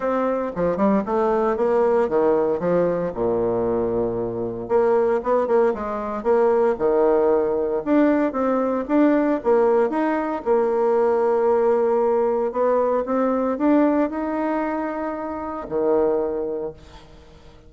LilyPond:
\new Staff \with { instrumentName = "bassoon" } { \time 4/4 \tempo 4 = 115 c'4 f8 g8 a4 ais4 | dis4 f4 ais,2~ | ais,4 ais4 b8 ais8 gis4 | ais4 dis2 d'4 |
c'4 d'4 ais4 dis'4 | ais1 | b4 c'4 d'4 dis'4~ | dis'2 dis2 | }